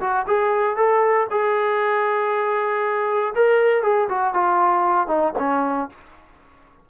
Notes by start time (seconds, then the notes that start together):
0.00 F#4
0.26 G#4
0.76 A4
1.30 G#4
3.34 A#4
3.82 G#4
4.09 F#4
4.34 F4
5.07 D#4
5.38 C#4